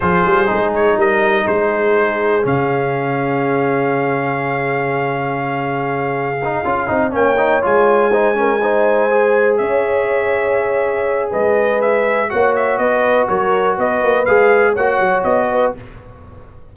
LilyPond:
<<
  \new Staff \with { instrumentName = "trumpet" } { \time 4/4 \tempo 4 = 122 c''4. cis''8 dis''4 c''4~ | c''4 f''2.~ | f''1~ | f''2~ f''8 g''4 gis''8~ |
gis''2.~ gis''8 e''8~ | e''2. dis''4 | e''4 fis''8 e''8 dis''4 cis''4 | dis''4 f''4 fis''4 dis''4 | }
  \new Staff \with { instrumentName = "horn" } { \time 4/4 gis'2 ais'4 gis'4~ | gis'1~ | gis'1~ | gis'2~ gis'8 cis''4.~ |
cis''8 c''8 ais'8 c''2 cis''8~ | cis''2. b'4~ | b'4 cis''4 b'4 ais'4 | b'2 cis''4. b'8 | }
  \new Staff \with { instrumentName = "trombone" } { \time 4/4 f'4 dis'2.~ | dis'4 cis'2.~ | cis'1~ | cis'4 dis'8 f'8 dis'8 cis'8 dis'8 f'8~ |
f'8 dis'8 cis'8 dis'4 gis'4.~ | gis'1~ | gis'4 fis'2.~ | fis'4 gis'4 fis'2 | }
  \new Staff \with { instrumentName = "tuba" } { \time 4/4 f8 g8 gis4 g4 gis4~ | gis4 cis2.~ | cis1~ | cis4. cis'8 c'8 ais4 gis8~ |
gis2.~ gis8 cis'8~ | cis'2. gis4~ | gis4 ais4 b4 fis4 | b8 ais8 gis4 ais8 fis8 b4 | }
>>